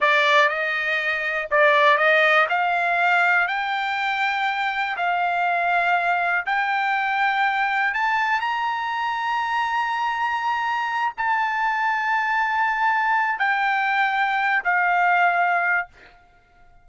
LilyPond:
\new Staff \with { instrumentName = "trumpet" } { \time 4/4 \tempo 4 = 121 d''4 dis''2 d''4 | dis''4 f''2 g''4~ | g''2 f''2~ | f''4 g''2. |
a''4 ais''2.~ | ais''2~ ais''8 a''4.~ | a''2. g''4~ | g''4. f''2~ f''8 | }